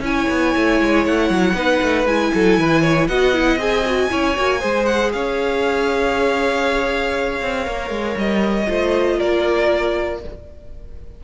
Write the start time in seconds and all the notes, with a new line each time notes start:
0.00 C#4 E4 C#5 G#5
0.30 B3
0.56 A3
0.81 G#3
1.05 A3 F#5
1.30 F#3
1.53 B3 D#4 B4
1.82 A3
2.05 G#3 E4 G#5
2.34 F#3 A4
2.58 E3 B4
2.82 C#5
3.07 B3 F#4 D#5 F#5
3.33 E4
3.57 C4 G#4 G#5
3.85 F#4
4.10 C#4 E4 C#5
4.36 A#3 F#4
4.60 G#3 G#4 C5
4.85 F#5
5.12 C#4 C#5 F5
7.41 C4
7.64 A#3 A#4
7.90 G#3
8.16 G3 D#5
8.67 A3 F4 C5
9.17 A#3 A#4 D5